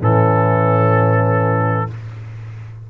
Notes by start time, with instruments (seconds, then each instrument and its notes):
0.00 tuba A2, trombone E3, horn C#4, trumpet A4